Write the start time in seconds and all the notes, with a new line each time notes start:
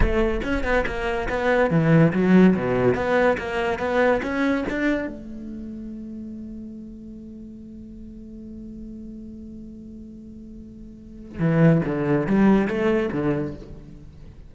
0.00 A3
0.43 C#4
0.63 B3
0.86 A#3
1.29 B3
1.70 E3
2.12 F#3
2.55 B2
2.95 B3
3.38 A#3
3.78 B3
4.22 C#4
4.69 D4
5.07 A3
11.39 E3
11.85 D3
12.26 G3
12.67 A3
13.12 D3